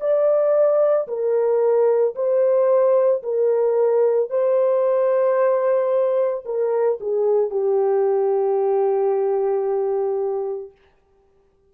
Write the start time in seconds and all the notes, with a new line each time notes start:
0.00 D5
1.08 A#4
2.15 C5
3.23 A#4
4.30 C5
6.45 A#4
7.00 G#4
7.50 G4